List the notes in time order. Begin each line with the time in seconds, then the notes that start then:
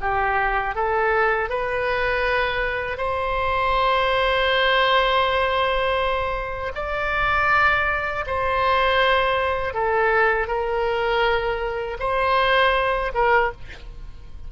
0.00 G4
0.74 A4
1.49 B4
2.97 C5
6.75 D5
8.26 C5
9.74 A4
10.47 A#4
11.99 C5
13.14 A#4